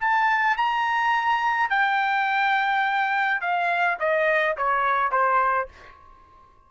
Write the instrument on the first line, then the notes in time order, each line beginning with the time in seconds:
trumpet
0.00 A5
0.57 A#5
1.70 G5
3.41 F5
3.99 D#5
4.57 C#5
5.11 C5